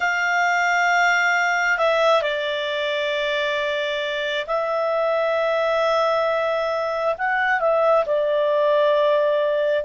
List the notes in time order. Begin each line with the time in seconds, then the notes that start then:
0.00 F5
1.77 E5
2.21 D5
4.46 E5
7.18 F#5
7.60 E5
8.06 D5